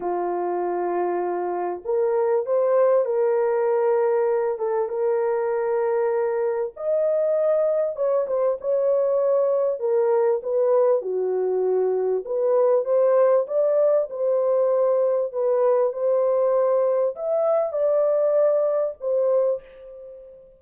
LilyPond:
\new Staff \with { instrumentName = "horn" } { \time 4/4 \tempo 4 = 98 f'2. ais'4 | c''4 ais'2~ ais'8 a'8 | ais'2. dis''4~ | dis''4 cis''8 c''8 cis''2 |
ais'4 b'4 fis'2 | b'4 c''4 d''4 c''4~ | c''4 b'4 c''2 | e''4 d''2 c''4 | }